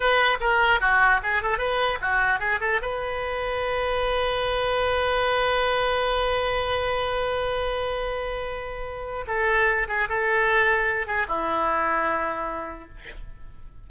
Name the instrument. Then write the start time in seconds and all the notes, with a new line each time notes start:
oboe
0.00 B4
0.40 A#4
0.80 F#4
1.23 G#4
1.42 A4
1.58 B4
2.01 F#4
2.39 G#4
2.60 A4
2.81 B4
9.27 A4
9.88 G#4
10.08 A4
11.06 G#4
11.27 E4